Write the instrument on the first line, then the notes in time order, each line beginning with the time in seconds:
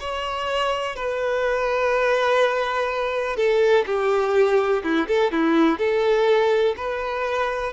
violin
0.00 C#5
0.96 B4
3.37 A4
3.86 G4
4.83 E4
5.08 A4
5.32 E4
5.78 A4
6.77 B4